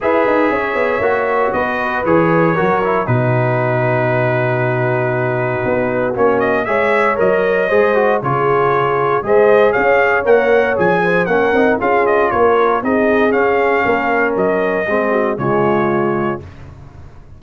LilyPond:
<<
  \new Staff \with { instrumentName = "trumpet" } { \time 4/4 \tempo 4 = 117 e''2. dis''4 | cis''2 b'2~ | b'1 | cis''8 dis''8 e''4 dis''2 |
cis''2 dis''4 f''4 | fis''4 gis''4 fis''4 f''8 dis''8 | cis''4 dis''4 f''2 | dis''2 cis''2 | }
  \new Staff \with { instrumentName = "horn" } { \time 4/4 b'4 cis''2 b'4~ | b'4 ais'4 fis'2~ | fis'1~ | fis'4 cis''2 c''4 |
gis'2 c''4 cis''4~ | cis''4. c''8 ais'4 gis'4 | ais'4 gis'2 ais'4~ | ais'4 gis'8 fis'8 f'2 | }
  \new Staff \with { instrumentName = "trombone" } { \time 4/4 gis'2 fis'2 | gis'4 fis'8 e'8 dis'2~ | dis'1 | cis'4 gis'4 ais'4 gis'8 fis'8 |
f'2 gis'2 | ais'4 gis'4 cis'8 dis'8 f'4~ | f'4 dis'4 cis'2~ | cis'4 c'4 gis2 | }
  \new Staff \with { instrumentName = "tuba" } { \time 4/4 e'8 dis'8 cis'8 b8 ais4 b4 | e4 fis4 b,2~ | b,2. b4 | ais4 gis4 fis4 gis4 |
cis2 gis4 cis'4 | ais4 f4 ais8 c'8 cis'4 | ais4 c'4 cis'4 ais4 | fis4 gis4 cis2 | }
>>